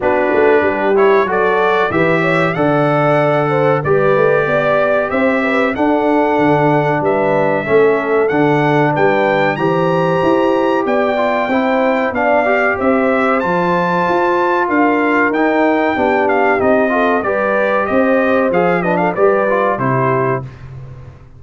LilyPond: <<
  \new Staff \with { instrumentName = "trumpet" } { \time 4/4 \tempo 4 = 94 b'4. cis''8 d''4 e''4 | fis''2 d''2 | e''4 fis''2 e''4~ | e''4 fis''4 g''4 ais''4~ |
ais''4 g''2 f''4 | e''4 a''2 f''4 | g''4. f''8 dis''4 d''4 | dis''4 f''8 dis''16 f''16 d''4 c''4 | }
  \new Staff \with { instrumentName = "horn" } { \time 4/4 fis'4 g'4 a'4 b'8 cis''8 | d''4. c''8 b'4 d''4 | c''8 b'8 a'2 b'4 | a'2 b'4 c''4~ |
c''4 d''4 c''4 d''4 | c''2. ais'4~ | ais'4 g'4. a'8 b'4 | c''4. b'16 a'16 b'4 g'4 | }
  \new Staff \with { instrumentName = "trombone" } { \time 4/4 d'4. e'8 fis'4 g'4 | a'2 g'2~ | g'4 d'2. | cis'4 d'2 g'4~ |
g'4. f'8 e'4 d'8 g'8~ | g'4 f'2. | dis'4 d'4 dis'8 f'8 g'4~ | g'4 gis'8 d'8 g'8 f'8 e'4 | }
  \new Staff \with { instrumentName = "tuba" } { \time 4/4 b8 a8 g4 fis4 e4 | d2 g8 a8 b4 | c'4 d'4 d4 g4 | a4 d4 g4 e4 |
e'4 b4 c'4 b4 | c'4 f4 f'4 d'4 | dis'4 b4 c'4 g4 | c'4 f4 g4 c4 | }
>>